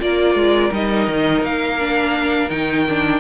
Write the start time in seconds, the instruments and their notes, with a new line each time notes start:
0.00 cello A#3, viola F4, violin A#4 D5
0.35 cello G#3
0.72 cello G3, viola D#4, violin D#5
1.07 cello D#3
1.42 cello A#3, violin F5
1.79 viola D4
2.50 cello D#3, viola D#4, violin G5
2.89 viola D4